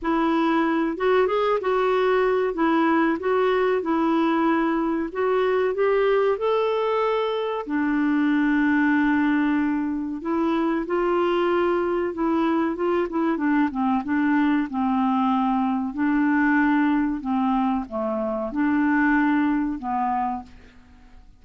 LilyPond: \new Staff \with { instrumentName = "clarinet" } { \time 4/4 \tempo 4 = 94 e'4. fis'8 gis'8 fis'4. | e'4 fis'4 e'2 | fis'4 g'4 a'2 | d'1 |
e'4 f'2 e'4 | f'8 e'8 d'8 c'8 d'4 c'4~ | c'4 d'2 c'4 | a4 d'2 b4 | }